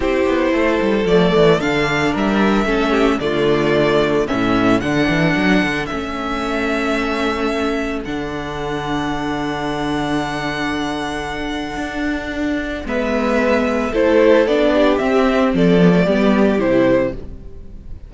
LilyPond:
<<
  \new Staff \with { instrumentName = "violin" } { \time 4/4 \tempo 4 = 112 c''2 d''4 f''4 | e''2 d''2 | e''4 fis''2 e''4~ | e''2. fis''4~ |
fis''1~ | fis''1 | e''2 c''4 d''4 | e''4 d''2 c''4 | }
  \new Staff \with { instrumentName = "violin" } { \time 4/4 g'4 a'2. | ais'4 a'8 g'8 f'2 | a'1~ | a'1~ |
a'1~ | a'1 | b'2 a'4. g'8~ | g'4 a'4 g'2 | }
  \new Staff \with { instrumentName = "viola" } { \time 4/4 e'2 a4 d'4~ | d'4 cis'4 a2 | cis'4 d'2 cis'4~ | cis'2. d'4~ |
d'1~ | d'1 | b2 e'4 d'4 | c'4. b16 a16 b4 e'4 | }
  \new Staff \with { instrumentName = "cello" } { \time 4/4 c'8 b8 a8 g8 f8 e8 d4 | g4 a4 d2 | a,4 d8 e8 fis8 d8 a4~ | a2. d4~ |
d1~ | d2 d'2 | gis2 a4 b4 | c'4 f4 g4 c4 | }
>>